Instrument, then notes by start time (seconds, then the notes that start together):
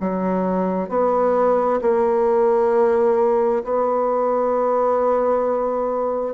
bassoon
0.00 F#3
0.89 B3
1.81 A#3
3.63 B3